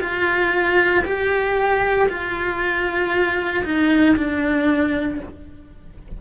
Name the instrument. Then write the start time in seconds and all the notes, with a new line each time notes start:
cello
0.00 F4
1.05 G4
2.09 F4
3.64 D#4
4.17 D4